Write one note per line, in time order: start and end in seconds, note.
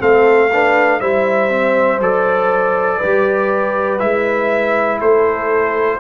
0.00 1.01 A3
0.00 0.50 C4
0.00 0.50 A4
0.00 1.00 F5
0.53 1.01 D4
0.53 1.00 B4
1.00 2.00 G3
1.00 1.50 E4
1.00 2.99 C5
1.00 2.00 E5
1.50 2.00 C4
2.00 3.00 F#3
2.00 3.02 A4
2.00 4.00 D5
2.99 4.01 G3
2.99 4.00 G4
2.99 4.99 B4
4.00 5.01 G#3
4.00 6.00 E4
4.00 5.00 E5
5.00 6.00 A3
5.00 6.00 A4
5.00 6.00 C5